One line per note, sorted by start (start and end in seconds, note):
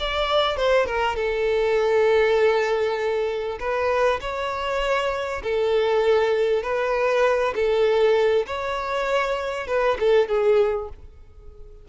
0.00 0.57 D5
0.57 0.87 C5
0.87 1.17 A#4
1.17 3.59 A4
3.60 4.20 B4
4.21 5.43 C#5
5.44 6.63 A4
6.63 7.54 B4
7.56 8.47 A4
8.47 9.68 C#5
9.68 9.98 B4
10.00 10.29 A4
10.29 10.89 G#4